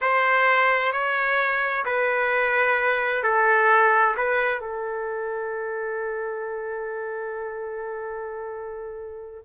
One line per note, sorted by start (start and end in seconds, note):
0.01 0.92 C5
0.92 1.84 C#5
1.85 3.23 B4
3.23 4.15 A4
4.16 4.60 B4
4.60 9.44 A4